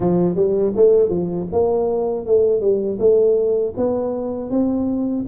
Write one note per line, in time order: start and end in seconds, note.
0.00 0.35 F3
0.35 0.73 G3
0.75 1.09 A3
1.09 1.47 F3
1.51 2.26 A#3
2.26 2.60 A3
2.60 2.98 G3
2.99 3.74 A3
3.76 4.50 B3
4.50 5.25 C4